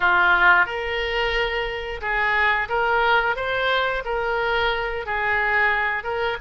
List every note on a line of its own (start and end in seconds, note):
0.00 0.66 F4
0.66 2.00 A#4
2.01 2.68 G#4
2.68 3.36 A#4
3.36 4.03 C5
4.04 5.06 A#4
5.06 6.03 G#4
6.03 6.37 A#4